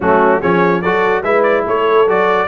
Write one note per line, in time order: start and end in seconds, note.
0.00 0.42 F#3
0.00 0.41 A3
0.00 0.39 C#4
0.00 0.41 F#4
0.39 0.84 F3
0.39 0.83 C#4
0.39 0.80 G#4
0.39 0.81 C#5
0.81 1.23 F#3
0.81 1.24 F#4
0.81 1.23 A4
0.81 1.22 D5
1.23 1.64 G#3
1.23 2.07 E4
1.23 1.64 B4
1.23 1.42 E5
1.42 1.63 D5
1.66 2.07 A3
1.66 2.47 A4
1.66 2.09 C#5
2.07 2.47 F#3
2.07 2.47 F#4
2.07 2.47 D5